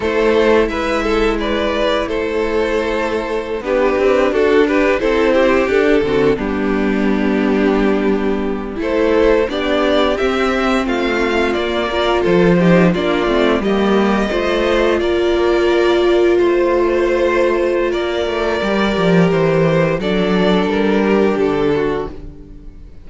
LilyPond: <<
  \new Staff \with { instrumentName = "violin" } { \time 4/4 \tempo 4 = 87 c''4 e''4 d''4 c''4~ | c''4~ c''16 b'4 a'8 b'8 c''8.~ | c''16 a'4 g'2~ g'8.~ | g'8. c''4 d''4 e''4 f''16~ |
f''8. d''4 c''4 d''4 dis''16~ | dis''4.~ dis''16 d''2 c''16~ | c''2 d''2 | c''4 d''4 ais'4 a'4 | }
  \new Staff \with { instrumentName = "violin" } { \time 4/4 a'4 b'8 a'8 b'4 a'4~ | a'4~ a'16 g'4 fis'8 g'8 a'8 g'16~ | g'8. fis'8 d'2~ d'8.~ | d'8. a'4 g'2 f'16~ |
f'4~ f'16 ais'8 a'8 g'8 f'4 g'16~ | g'8. c''4 ais'2 c''16~ | c''2 ais'2~ | ais'4 a'4. g'4 fis'8 | }
  \new Staff \with { instrumentName = "viola" } { \time 4/4 e'1~ | e'4~ e'16 d'2 e'8.~ | e'16 d'8 c'8 b2~ b8.~ | b8. e'4 d'4 c'4~ c'16~ |
c'8. ais8 f'4 dis'8 d'8 c'8 ais16~ | ais8. f'2.~ f'16~ | f'2. g'4~ | g'4 d'2. | }
  \new Staff \with { instrumentName = "cello" } { \time 4/4 a4 gis2 a4~ | a4~ a16 b8 c'8 d'4 c'8.~ | c'16 d'8 d8 g2~ g8.~ | g8. a4 b4 c'4 a16~ |
a8. ais4 f4 ais8 a8 g16~ | g8. a4 ais2 a16~ | a2 ais8 a8 g8 f8 | e4 fis4 g4 d4 | }
>>